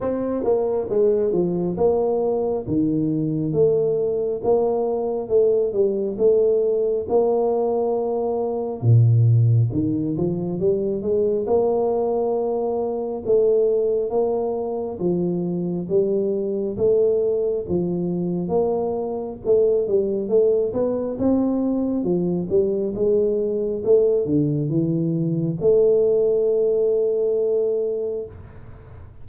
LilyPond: \new Staff \with { instrumentName = "tuba" } { \time 4/4 \tempo 4 = 68 c'8 ais8 gis8 f8 ais4 dis4 | a4 ais4 a8 g8 a4 | ais2 ais,4 dis8 f8 | g8 gis8 ais2 a4 |
ais4 f4 g4 a4 | f4 ais4 a8 g8 a8 b8 | c'4 f8 g8 gis4 a8 d8 | e4 a2. | }